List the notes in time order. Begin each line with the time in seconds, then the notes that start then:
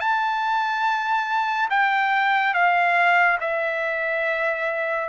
0.00 A5
1.70 G5
2.54 F5
3.40 E5